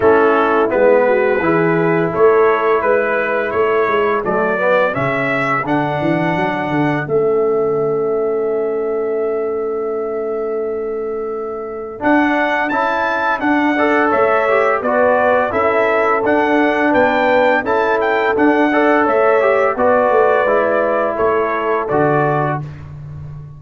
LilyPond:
<<
  \new Staff \with { instrumentName = "trumpet" } { \time 4/4 \tempo 4 = 85 a'4 b'2 cis''4 | b'4 cis''4 d''4 e''4 | fis''2 e''2~ | e''1~ |
e''4 fis''4 a''4 fis''4 | e''4 d''4 e''4 fis''4 | g''4 a''8 g''8 fis''4 e''4 | d''2 cis''4 d''4 | }
  \new Staff \with { instrumentName = "horn" } { \time 4/4 e'4. fis'8 gis'4 a'4 | b'4 a'2.~ | a'1~ | a'1~ |
a'2.~ a'8 d''8 | cis''4 b'4 a'2 | b'4 a'4. d''8 cis''4 | b'2 a'2 | }
  \new Staff \with { instrumentName = "trombone" } { \time 4/4 cis'4 b4 e'2~ | e'2 a8 b8 cis'4 | d'2 cis'2~ | cis'1~ |
cis'4 d'4 e'4 d'8 a'8~ | a'8 g'8 fis'4 e'4 d'4~ | d'4 e'4 d'8 a'4 g'8 | fis'4 e'2 fis'4 | }
  \new Staff \with { instrumentName = "tuba" } { \time 4/4 a4 gis4 e4 a4 | gis4 a8 gis8 fis4 cis4 | d8 e8 fis8 d8 a2~ | a1~ |
a4 d'4 cis'4 d'4 | a4 b4 cis'4 d'4 | b4 cis'4 d'4 a4 | b8 a8 gis4 a4 d4 | }
>>